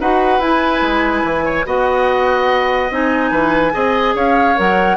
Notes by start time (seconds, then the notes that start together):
0.00 D#4 F#4 B4 F#5
0.39 E4 G#5
0.81 G#3
1.24 E3
1.45 C#5
1.65 B3 F#4 D#5 F#5
2.91 C4 D#4 G#5
3.31 E3 B4
3.72 C4 G#4 D#5
4.15 C#4 C#5 F5
4.56 F#3 A#4 F#5